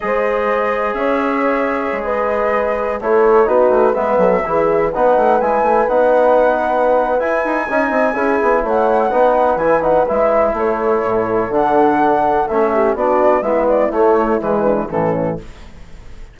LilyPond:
<<
  \new Staff \with { instrumentName = "flute" } { \time 4/4 \tempo 4 = 125 dis''2 e''2~ | e''16 dis''2 cis''4 b'8.~ | b'16 e''2 fis''4 gis''8.~ | gis''16 fis''2~ fis''8. gis''4~ |
gis''2 fis''2 | gis''8 fis''8 e''4 cis''2 | fis''2 e''4 d''4 | e''8 d''8 cis''4 b'4 a'4 | }
  \new Staff \with { instrumentName = "horn" } { \time 4/4 c''2 cis''2~ | cis''16 b'2 a'4 fis'8.~ | fis'16 b'8 a'8 gis'4 b'4.~ b'16~ | b'1 |
dis''4 gis'4 cis''4 b'4~ | b'2 a'2~ | a'2~ a'8 g'8 fis'4 | e'2~ e'8 d'8 cis'4 | }
  \new Staff \with { instrumentName = "trombone" } { \time 4/4 gis'1~ | gis'2~ gis'16 e'4 dis'8.~ | dis'16 b4 e'4 dis'4 e'8.~ | e'16 dis'2~ dis'8. e'4 |
dis'4 e'2 dis'4 | e'8 dis'8 e'2. | d'2 cis'4 d'4 | b4 a4 gis4 e4 | }
  \new Staff \with { instrumentName = "bassoon" } { \time 4/4 gis2 cis'2 | gis2~ gis16 a4 b8 a16~ | a16 gis8 fis8 e4 b8 a8 gis8 a16~ | a16 b2~ b8. e'8 dis'8 |
cis'8 c'8 cis'8 b8 a4 b4 | e4 gis4 a4 a,4 | d2 a4 b4 | gis4 a4 e4 a,4 | }
>>